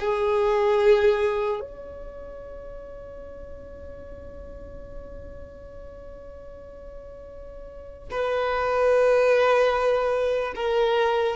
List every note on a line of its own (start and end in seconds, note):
0.00 1.60 G#4
1.60 8.09 C#5
8.10 10.54 B4
10.55 11.36 A#4